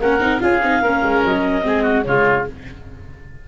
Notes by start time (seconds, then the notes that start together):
0.00 A#3 C#4 A#4 F#5
0.20 C4 D#4
0.40 C#4 F4 G#4 F5
0.63 C4 D#4
0.82 A#3 C#4 A#4
1.03 G#3
1.25 F#3 D#5
1.62 G#3 C4 G#4
1.83 F#4
2.04 C#3 G#3 F4 C#5